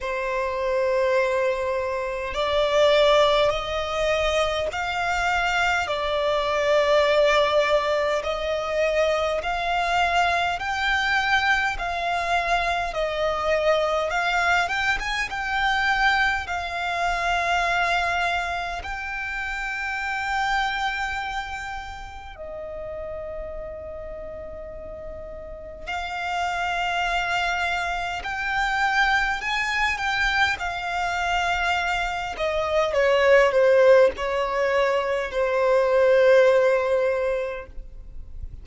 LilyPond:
\new Staff \with { instrumentName = "violin" } { \time 4/4 \tempo 4 = 51 c''2 d''4 dis''4 | f''4 d''2 dis''4 | f''4 g''4 f''4 dis''4 | f''8 g''16 gis''16 g''4 f''2 |
g''2. dis''4~ | dis''2 f''2 | g''4 gis''8 g''8 f''4. dis''8 | cis''8 c''8 cis''4 c''2 | }